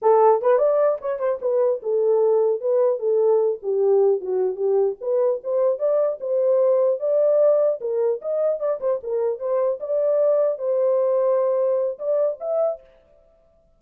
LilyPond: \new Staff \with { instrumentName = "horn" } { \time 4/4 \tempo 4 = 150 a'4 b'8 d''4 cis''8 c''8 b'8~ | b'8 a'2 b'4 a'8~ | a'4 g'4. fis'4 g'8~ | g'8 b'4 c''4 d''4 c''8~ |
c''4. d''2 ais'8~ | ais'8 dis''4 d''8 c''8 ais'4 c''8~ | c''8 d''2 c''4.~ | c''2 d''4 e''4 | }